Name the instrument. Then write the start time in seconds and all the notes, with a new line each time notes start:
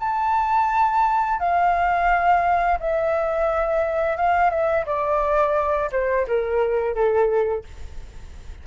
flute
0.00 A5
1.40 F5
2.80 E5
4.17 F5
4.50 E5
4.86 D5
5.92 C5
6.28 A#4
6.95 A4